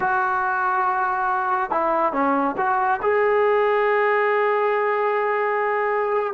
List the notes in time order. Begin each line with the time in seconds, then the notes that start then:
0.00 F#4
1.70 E4
2.12 C#4
2.57 F#4
3.02 G#4